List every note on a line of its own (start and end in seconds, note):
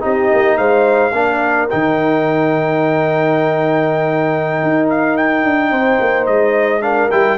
0.00 0.31 C4
0.00 1.11 D#4
0.00 0.58 G4
0.00 0.57 D#5
0.33 0.58 A#3
0.57 1.12 G#3
0.57 1.13 C5
0.57 1.68 F5
1.12 1.68 A#3
1.12 1.69 D4
1.12 5.71 A#4
1.69 4.63 D#3
1.69 6.81 D#4
1.69 4.89 G5
4.63 5.44 D#4
4.89 5.17 F5
5.17 6.26 G5
5.44 5.71 D4
5.71 5.99 C4
5.71 6.82 C5
6.00 6.27 A#3
6.26 7.10 G#3
6.26 6.82 D#5
6.81 7.09 D4
6.81 7.38 A#4
6.81 7.09 F5
7.11 7.38 G3
7.11 7.38 E4
7.11 7.38 G5